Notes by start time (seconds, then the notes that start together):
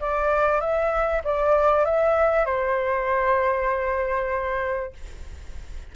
0.00 D5
0.60 E5
1.24 D5
1.85 E5
2.45 C5